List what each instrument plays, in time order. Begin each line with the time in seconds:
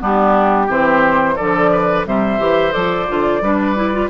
0.00 bassoon G3, clarinet B3, oboe D4, flute G4
0.67 bassoon E3, clarinet C4, oboe G4, flute C5
1.36 bassoon D3, clarinet F3, oboe A4, flute D5
1.72 oboe B4
2.06 bassoon C3, clarinet G3, oboe C5, flute E5
2.39 bassoon E3, clarinet G4
2.72 bassoon F3, clarinet A4, flute D5
3.08 bassoon D3, clarinet F4
3.41 bassoon G3, clarinet D4, oboe B4
3.76 clarinet E4
3.93 clarinet F4